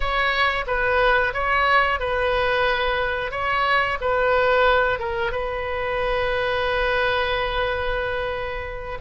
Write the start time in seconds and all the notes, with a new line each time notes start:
0.00 C#5
0.66 B4
1.33 C#5
1.99 B4
3.31 C#5
4.00 B4
4.99 A#4
5.31 B4